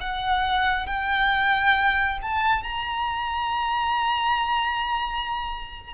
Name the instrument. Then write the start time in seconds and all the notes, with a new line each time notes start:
violin
0.00 F#5
0.86 G5
2.21 A5
2.63 A#5